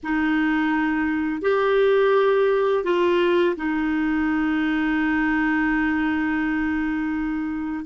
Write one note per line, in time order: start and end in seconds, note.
0.03 1.41 D#4
1.41 2.84 G4
2.84 3.55 F4
3.56 7.84 D#4